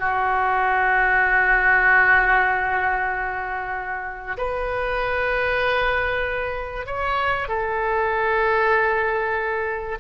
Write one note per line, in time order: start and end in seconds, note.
0.00 4.38 F#4
4.38 6.87 B4
6.87 7.49 C#5
7.49 9.99 A4